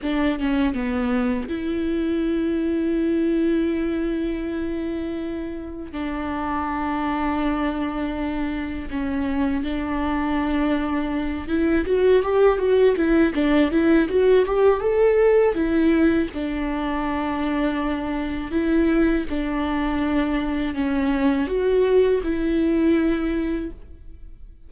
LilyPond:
\new Staff \with { instrumentName = "viola" } { \time 4/4 \tempo 4 = 81 d'8 cis'8 b4 e'2~ | e'1 | d'1 | cis'4 d'2~ d'8 e'8 |
fis'8 g'8 fis'8 e'8 d'8 e'8 fis'8 g'8 | a'4 e'4 d'2~ | d'4 e'4 d'2 | cis'4 fis'4 e'2 | }